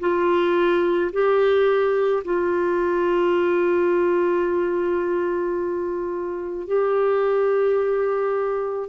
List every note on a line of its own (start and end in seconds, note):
0.00 1.11 F4
1.12 2.23 G4
2.24 6.67 F4
6.67 8.89 G4